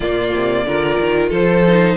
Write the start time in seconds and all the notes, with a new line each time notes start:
0.00 A#2 A#3 F4 D5
0.33 C3
0.64 D3 F4 A#4
0.98 D#3
1.29 F3 A4 C5
1.67 D#4